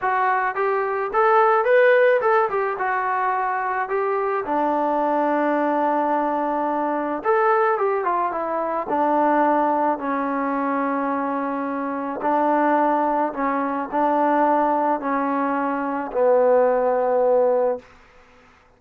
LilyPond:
\new Staff \with { instrumentName = "trombone" } { \time 4/4 \tempo 4 = 108 fis'4 g'4 a'4 b'4 | a'8 g'8 fis'2 g'4 | d'1~ | d'4 a'4 g'8 f'8 e'4 |
d'2 cis'2~ | cis'2 d'2 | cis'4 d'2 cis'4~ | cis'4 b2. | }